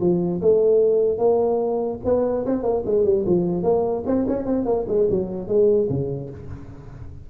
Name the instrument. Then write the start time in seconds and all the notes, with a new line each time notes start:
tuba
0.00 F3
0.41 A3
1.18 A#3
2.04 B3
2.45 C4
2.62 A#3
2.85 G#3
3.04 G3
3.26 F3
3.63 A#3
4.06 C4
4.28 C#4
4.45 C4
4.65 A#3
4.87 G#3
5.10 F#3
5.47 G#3
5.89 C#3